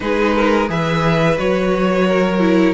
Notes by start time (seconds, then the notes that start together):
0.00 G#3 D#4 G#4 B4
0.35 A#4
0.67 E3 G#4 B4 E5
1.37 F#3 F#4 C#5
2.06 A#4
2.39 E4